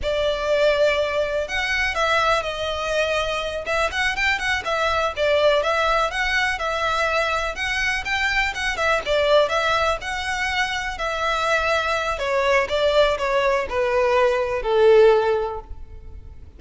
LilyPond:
\new Staff \with { instrumentName = "violin" } { \time 4/4 \tempo 4 = 123 d''2. fis''4 | e''4 dis''2~ dis''8 e''8 | fis''8 g''8 fis''8 e''4 d''4 e''8~ | e''8 fis''4 e''2 fis''8~ |
fis''8 g''4 fis''8 e''8 d''4 e''8~ | e''8 fis''2 e''4.~ | e''4 cis''4 d''4 cis''4 | b'2 a'2 | }